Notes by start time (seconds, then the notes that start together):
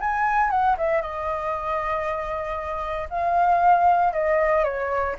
0.00 G#5
0.50 F#5
0.78 E5
1.02 D#5
3.10 F5
4.13 D#5
4.64 C#5